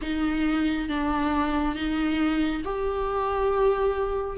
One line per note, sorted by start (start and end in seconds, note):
0.01 0.88 D#4
0.89 1.75 D4
1.75 2.62 D#4
2.64 4.37 G4